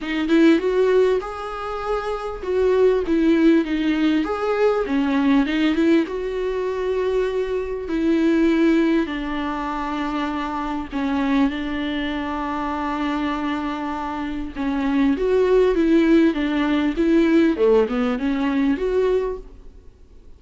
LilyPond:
\new Staff \with { instrumentName = "viola" } { \time 4/4 \tempo 4 = 99 dis'8 e'8 fis'4 gis'2 | fis'4 e'4 dis'4 gis'4 | cis'4 dis'8 e'8 fis'2~ | fis'4 e'2 d'4~ |
d'2 cis'4 d'4~ | d'1 | cis'4 fis'4 e'4 d'4 | e'4 a8 b8 cis'4 fis'4 | }